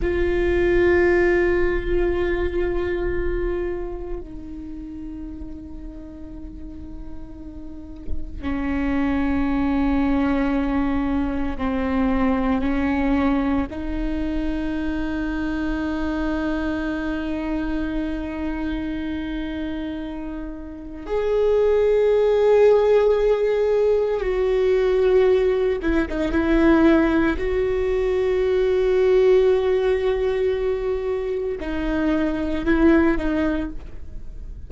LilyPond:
\new Staff \with { instrumentName = "viola" } { \time 4/4 \tempo 4 = 57 f'1 | dis'1 | cis'2. c'4 | cis'4 dis'2.~ |
dis'1 | gis'2. fis'4~ | fis'8 e'16 dis'16 e'4 fis'2~ | fis'2 dis'4 e'8 dis'8 | }